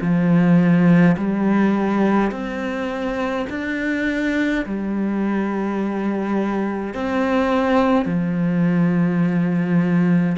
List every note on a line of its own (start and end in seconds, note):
0.00 1.15 F3
1.17 2.31 G3
2.31 3.46 C4
3.49 4.65 D4
4.65 6.94 G3
6.94 8.05 C4
8.05 10.36 F3